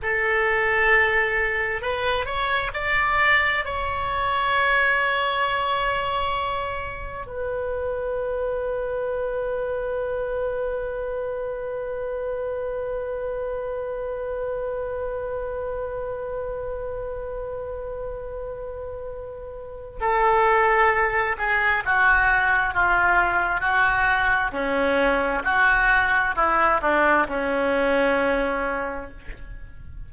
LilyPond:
\new Staff \with { instrumentName = "oboe" } { \time 4/4 \tempo 4 = 66 a'2 b'8 cis''8 d''4 | cis''1 | b'1~ | b'1~ |
b'1~ | b'2 a'4. gis'8 | fis'4 f'4 fis'4 cis'4 | fis'4 e'8 d'8 cis'2 | }